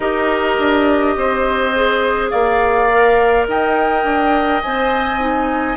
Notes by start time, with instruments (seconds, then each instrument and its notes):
0.00 bassoon D#4, clarinet G4, oboe A#4, flute D#5
0.58 bassoon D4
1.16 bassoon C4, oboe C5
1.75 clarinet G#4
2.30 bassoon A#3, oboe D5, flute F5
2.90 clarinet A#4
3.47 bassoon D#4, oboe D#5, flute G5
4.04 bassoon D4
4.61 bassoon C4, clarinet C5, flute G#5
5.19 clarinet D#4